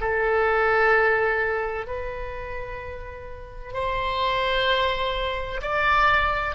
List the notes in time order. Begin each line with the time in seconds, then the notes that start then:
0.00 A4
1.86 B4
3.73 C5
5.61 D5